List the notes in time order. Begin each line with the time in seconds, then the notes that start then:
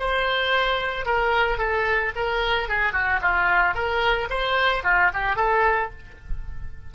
0.00 C5
1.06 A#4
1.58 A4
2.16 A#4
2.70 G#4
2.93 F#4
3.22 F4
3.75 A#4
4.30 C5
4.84 F4
5.14 G4
5.37 A4